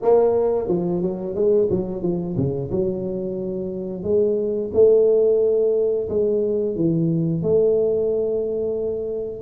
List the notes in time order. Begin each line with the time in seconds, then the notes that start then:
0.02 A#3
0.68 F3
1.01 F#3
1.35 G#3
1.70 F#3
2.02 F3
2.36 C#3
2.70 F#3
4.03 G#3
4.73 A3
6.09 G#3
6.75 E3
7.42 A3